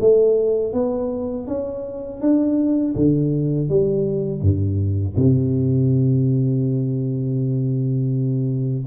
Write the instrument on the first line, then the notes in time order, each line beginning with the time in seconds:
tuba
0.00 A3
0.73 B3
1.47 C#4
2.21 D4
2.95 D3
3.69 G3
4.41 G2
5.15 C3